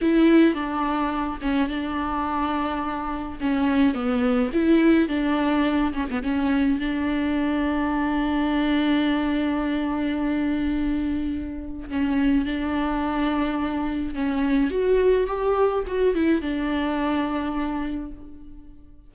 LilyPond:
\new Staff \with { instrumentName = "viola" } { \time 4/4 \tempo 4 = 106 e'4 d'4. cis'8 d'4~ | d'2 cis'4 b4 | e'4 d'4. cis'16 b16 cis'4 | d'1~ |
d'1~ | d'4 cis'4 d'2~ | d'4 cis'4 fis'4 g'4 | fis'8 e'8 d'2. | }